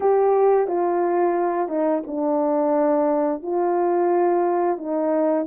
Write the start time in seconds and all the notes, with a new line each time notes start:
0.00 G4
0.67 F4
1.68 D#4
2.06 D4
3.42 F4
4.77 D#4